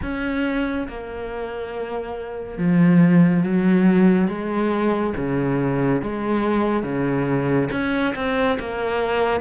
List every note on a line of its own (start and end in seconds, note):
0.02 0.87 C#4
0.88 2.58 A#3
2.58 3.43 F3
3.43 4.27 F#3
4.27 5.13 G#3
5.16 6.02 C#3
6.02 6.83 G#3
6.83 7.68 C#3
7.71 8.14 C#4
8.15 8.58 C4
8.59 9.40 A#3